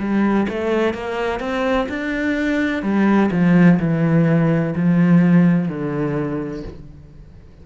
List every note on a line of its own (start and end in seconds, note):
0.00 0.48 G3
0.49 0.94 A3
0.94 1.40 A#3
1.40 1.87 C4
1.89 2.83 D4
2.83 3.30 G3
3.32 3.80 F3
3.80 4.75 E3
4.76 5.68 F3
5.68 6.64 D3